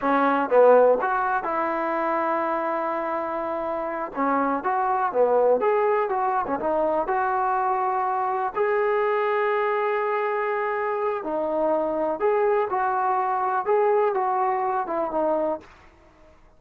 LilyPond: \new Staff \with { instrumentName = "trombone" } { \time 4/4 \tempo 4 = 123 cis'4 b4 fis'4 e'4~ | e'1~ | e'8 cis'4 fis'4 b4 gis'8~ | gis'8 fis'8. cis'16 dis'4 fis'4.~ |
fis'4. gis'2~ gis'8~ | gis'2. dis'4~ | dis'4 gis'4 fis'2 | gis'4 fis'4. e'8 dis'4 | }